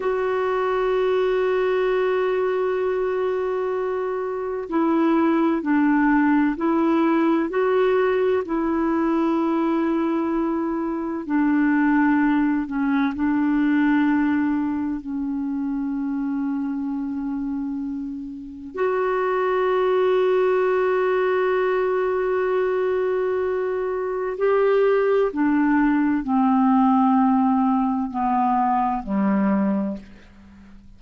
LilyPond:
\new Staff \with { instrumentName = "clarinet" } { \time 4/4 \tempo 4 = 64 fis'1~ | fis'4 e'4 d'4 e'4 | fis'4 e'2. | d'4. cis'8 d'2 |
cis'1 | fis'1~ | fis'2 g'4 d'4 | c'2 b4 g4 | }